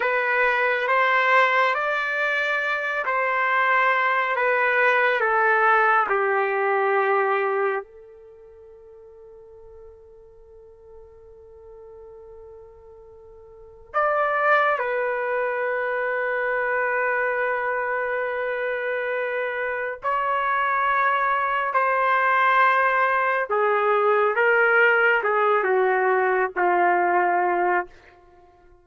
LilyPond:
\new Staff \with { instrumentName = "trumpet" } { \time 4/4 \tempo 4 = 69 b'4 c''4 d''4. c''8~ | c''4 b'4 a'4 g'4~ | g'4 a'2.~ | a'1 |
d''4 b'2.~ | b'2. cis''4~ | cis''4 c''2 gis'4 | ais'4 gis'8 fis'4 f'4. | }